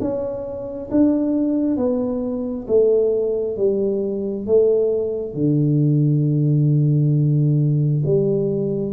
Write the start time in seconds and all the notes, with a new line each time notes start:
0.00 C#4
0.90 D4
1.77 B3
2.67 A3
3.57 G3
4.46 A3
5.34 D3
8.05 G3